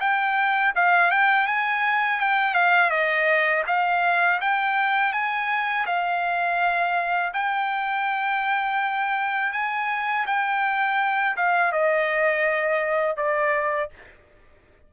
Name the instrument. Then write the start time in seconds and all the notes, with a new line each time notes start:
trumpet
0.00 G5
0.75 F5
1.10 G5
1.47 G#5
2.20 G5
2.54 F5
2.90 D#5
3.67 F5
4.41 G5
5.13 G#5
5.86 F5
7.33 G5
9.52 G#5
10.26 G5
11.36 F5
11.72 D#5
13.16 D5